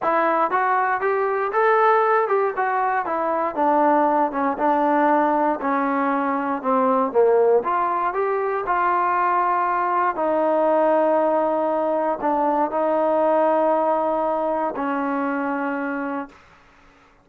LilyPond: \new Staff \with { instrumentName = "trombone" } { \time 4/4 \tempo 4 = 118 e'4 fis'4 g'4 a'4~ | a'8 g'8 fis'4 e'4 d'4~ | d'8 cis'8 d'2 cis'4~ | cis'4 c'4 ais4 f'4 |
g'4 f'2. | dis'1 | d'4 dis'2.~ | dis'4 cis'2. | }